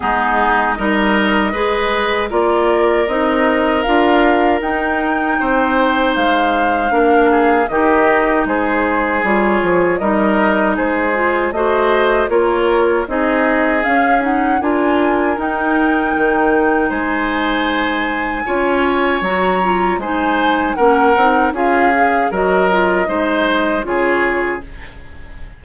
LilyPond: <<
  \new Staff \with { instrumentName = "flute" } { \time 4/4 \tempo 4 = 78 gis'4 dis''2 d''4 | dis''4 f''4 g''2 | f''2 dis''4 c''4 | cis''4 dis''4 c''4 dis''4 |
cis''4 dis''4 f''8 fis''8 gis''4 | g''2 gis''2~ | gis''4 ais''4 gis''4 fis''4 | f''4 dis''2 cis''4 | }
  \new Staff \with { instrumentName = "oboe" } { \time 4/4 dis'4 ais'4 b'4 ais'4~ | ais'2. c''4~ | c''4 ais'8 gis'8 g'4 gis'4~ | gis'4 ais'4 gis'4 c''4 |
ais'4 gis'2 ais'4~ | ais'2 c''2 | cis''2 c''4 ais'4 | gis'4 ais'4 c''4 gis'4 | }
  \new Staff \with { instrumentName = "clarinet" } { \time 4/4 b4 dis'4 gis'4 f'4 | dis'4 f'4 dis'2~ | dis'4 d'4 dis'2 | f'4 dis'4. f'8 fis'4 |
f'4 dis'4 cis'8 dis'8 f'4 | dis'1 | f'4 fis'8 f'8 dis'4 cis'8 dis'8 | f'8 gis'8 fis'8 f'8 dis'4 f'4 | }
  \new Staff \with { instrumentName = "bassoon" } { \time 4/4 gis4 g4 gis4 ais4 | c'4 d'4 dis'4 c'4 | gis4 ais4 dis4 gis4 | g8 f8 g4 gis4 a4 |
ais4 c'4 cis'4 d'4 | dis'4 dis4 gis2 | cis'4 fis4 gis4 ais8 c'8 | cis'4 fis4 gis4 cis4 | }
>>